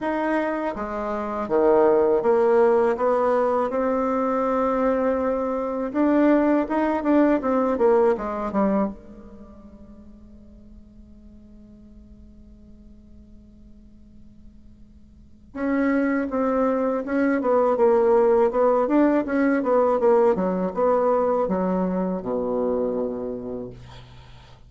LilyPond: \new Staff \with { instrumentName = "bassoon" } { \time 4/4 \tempo 4 = 81 dis'4 gis4 dis4 ais4 | b4 c'2. | d'4 dis'8 d'8 c'8 ais8 gis8 g8 | gis1~ |
gis1~ | gis4 cis'4 c'4 cis'8 b8 | ais4 b8 d'8 cis'8 b8 ais8 fis8 | b4 fis4 b,2 | }